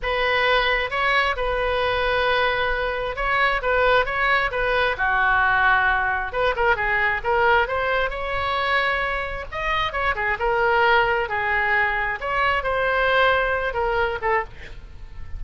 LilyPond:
\new Staff \with { instrumentName = "oboe" } { \time 4/4 \tempo 4 = 133 b'2 cis''4 b'4~ | b'2. cis''4 | b'4 cis''4 b'4 fis'4~ | fis'2 b'8 ais'8 gis'4 |
ais'4 c''4 cis''2~ | cis''4 dis''4 cis''8 gis'8 ais'4~ | ais'4 gis'2 cis''4 | c''2~ c''8 ais'4 a'8 | }